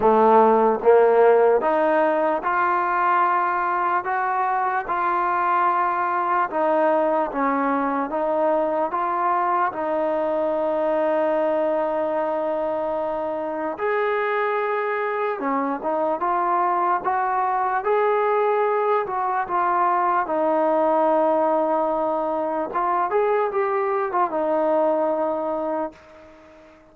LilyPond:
\new Staff \with { instrumentName = "trombone" } { \time 4/4 \tempo 4 = 74 a4 ais4 dis'4 f'4~ | f'4 fis'4 f'2 | dis'4 cis'4 dis'4 f'4 | dis'1~ |
dis'4 gis'2 cis'8 dis'8 | f'4 fis'4 gis'4. fis'8 | f'4 dis'2. | f'8 gis'8 g'8. f'16 dis'2 | }